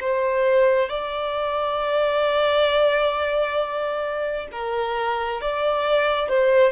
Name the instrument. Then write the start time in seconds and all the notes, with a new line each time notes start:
violin
0.00 C5
0.89 D5
4.52 A#4
5.41 D5
6.28 C5